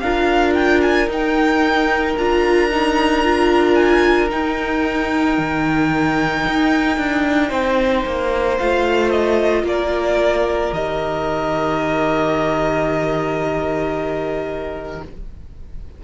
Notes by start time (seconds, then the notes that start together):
0.00 D4 F4 A#4 F5
0.54 G5
0.82 G#5
1.08 D#4 G5
2.17 D4 F4 A#5
2.71 D#4
3.24 F4
3.75 G#5
4.29 D#4 G5
5.38 D#3
6.47 D#4
6.98 D4
7.49 C4 C5
8.06 A#3
8.58 A3 F4 F5
9.11 D#5
9.63 A#3 A#4 D5
10.73 D#3 G4 D#5